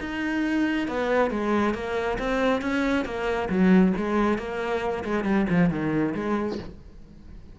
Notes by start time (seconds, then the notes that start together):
0.00 D#4
0.87 B3
1.30 G#3
1.74 A#3
2.18 C4
2.61 C#4
3.05 A#3
3.49 F#3
3.97 G#3
4.38 A#3
5.04 G#3
5.24 G3
5.49 F3
5.70 D#3
6.14 G#3